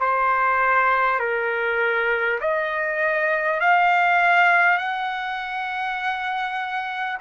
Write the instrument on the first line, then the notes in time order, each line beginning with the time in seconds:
trumpet
0.00 C5
1.19 A#4
2.41 D#5
3.60 F5
4.78 F#5